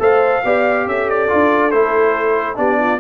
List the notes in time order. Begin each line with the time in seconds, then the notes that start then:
0.00 A3 A4 C5 F5
0.45 B3 G4 D5
0.87 C#4 A4 E5
1.10 D5
1.29 D4 F4
1.72 A3 E4 C5
2.56 B3 D4 G4 D5
2.80 F4